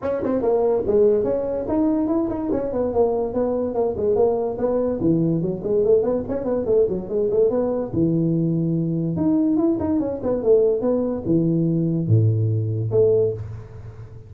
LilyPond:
\new Staff \with { instrumentName = "tuba" } { \time 4/4 \tempo 4 = 144 cis'8 c'8 ais4 gis4 cis'4 | dis'4 e'8 dis'8 cis'8 b8 ais4 | b4 ais8 gis8 ais4 b4 | e4 fis8 gis8 a8 b8 cis'8 b8 |
a8 fis8 gis8 a8 b4 e4~ | e2 dis'4 e'8 dis'8 | cis'8 b8 a4 b4 e4~ | e4 a,2 a4 | }